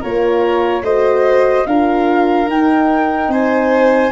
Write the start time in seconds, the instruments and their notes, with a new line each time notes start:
0.00 tuba A#3, horn F4, violin A#4, flute C#5
0.82 tuba A3, horn F#4, violin C5, flute D#5
1.66 tuba D4, horn F4, violin A#4, flute F5
2.47 tuba D#4, horn D#4, flute G5
3.28 tuba C4, violin C5, flute G#5